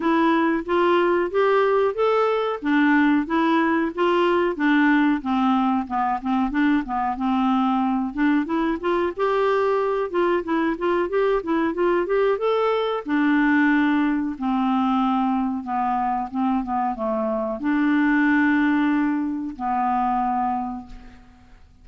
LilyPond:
\new Staff \with { instrumentName = "clarinet" } { \time 4/4 \tempo 4 = 92 e'4 f'4 g'4 a'4 | d'4 e'4 f'4 d'4 | c'4 b8 c'8 d'8 b8 c'4~ | c'8 d'8 e'8 f'8 g'4. f'8 |
e'8 f'8 g'8 e'8 f'8 g'8 a'4 | d'2 c'2 | b4 c'8 b8 a4 d'4~ | d'2 b2 | }